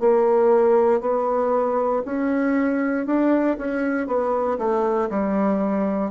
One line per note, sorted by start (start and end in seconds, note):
0.00 1.01 A#3
1.01 2.03 B3
2.06 3.06 C#4
3.06 3.57 D4
3.58 4.07 C#4
4.07 4.58 B3
4.59 5.09 A3
5.10 6.12 G3